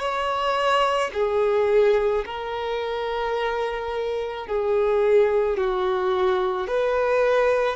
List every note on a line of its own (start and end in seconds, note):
0.00 1.11 C#5
1.14 2.25 G#4
2.26 4.47 A#4
4.47 5.58 G#4
5.58 6.68 F#4
6.68 7.77 B4